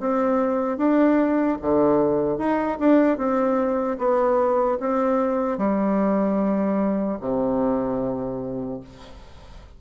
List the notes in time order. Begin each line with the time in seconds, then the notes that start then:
0.00 C4
0.77 D4
1.61 D3
2.38 D#4
2.79 D4
3.17 C4
3.98 B3
4.80 C4
5.58 G3
7.20 C3